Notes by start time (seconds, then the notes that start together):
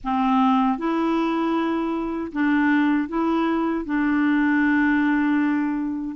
0.03 C4
0.78 E4
2.32 D4
3.08 E4
3.85 D4